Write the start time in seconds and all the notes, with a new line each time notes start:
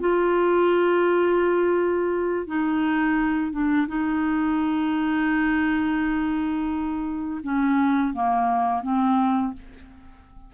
0.00 F4
2.46 D#4
3.52 D4
3.88 D#4
7.43 C#4
8.13 A#3
8.82 C4